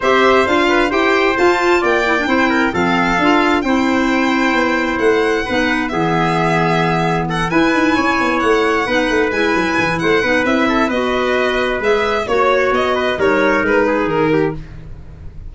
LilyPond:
<<
  \new Staff \with { instrumentName = "violin" } { \time 4/4 \tempo 4 = 132 e''4 f''4 g''4 a''4 | g''2 f''2 | g''2. fis''4~ | fis''4 e''2. |
fis''8 gis''2 fis''4.~ | fis''8 gis''4. fis''4 e''4 | dis''2 e''4 cis''4 | dis''4 cis''4 b'4 ais'4 | }
  \new Staff \with { instrumentName = "trumpet" } { \time 4/4 c''4. b'8 c''2 | d''4 c''8 ais'8 a'2 | c''1 | b'4 gis'2. |
a'8 b'4 cis''2 b'8~ | b'2 c''8 b'4 a'8 | b'2. cis''4~ | cis''8 b'8 ais'4. gis'4 g'8 | }
  \new Staff \with { instrumentName = "clarinet" } { \time 4/4 g'4 f'4 g'4 f'4~ | f'8 e'16 d'16 e'4 c'4 f'4 | e'1 | dis'4 b2.~ |
b8 e'2. dis'8~ | dis'8 e'2 dis'8 e'4 | fis'2 gis'4 fis'4~ | fis'4 dis'2. | }
  \new Staff \with { instrumentName = "tuba" } { \time 4/4 c'4 d'4 e'4 f'4 | ais4 c'4 f4 d'4 | c'2 b4 a4 | b4 e2.~ |
e8 e'8 dis'8 cis'8 b8 a4 b8 | a8 gis8 fis8 e8 a8 b8 c'4 | b2 gis4 ais4 | b4 g4 gis4 dis4 | }
>>